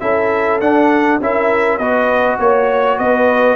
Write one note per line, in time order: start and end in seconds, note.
0.00 0.61 C#4
0.00 0.60 E4
0.00 1.20 A4
0.00 0.59 E5
0.61 1.20 D4
0.61 1.21 D4
0.61 1.20 F#5
1.21 1.79 C#4
1.21 1.81 E4
1.21 1.79 A#4
1.21 1.78 E5
1.78 2.39 B3
1.78 3.56 F#4
1.78 2.38 B4
1.78 2.37 D#5
2.39 2.98 A#3
2.39 2.98 C#5
2.39 3.00 C#5
2.98 3.56 B3
2.98 3.56 B4
2.98 3.56 D#5